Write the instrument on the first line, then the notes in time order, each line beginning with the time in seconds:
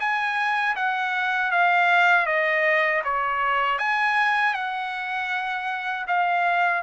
trumpet
0.00 G#5
0.76 F#5
1.52 F5
2.26 D#5
3.05 C#5
3.79 G#5
4.54 F#5
6.08 F5